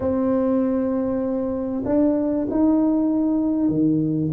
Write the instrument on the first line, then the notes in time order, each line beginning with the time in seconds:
tuba
0.00 C4
1.85 D4
2.50 D#4
3.69 D#3